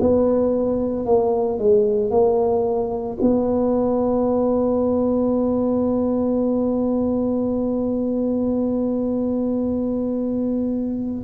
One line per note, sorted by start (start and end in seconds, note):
0.00 1.05 B3
1.05 1.58 A#3
1.58 2.10 G#3
2.10 3.17 A#3
3.21 11.24 B3